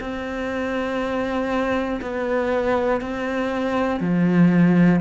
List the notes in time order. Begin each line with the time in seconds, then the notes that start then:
0.00 C4
2.01 B3
3.01 C4
4.00 F3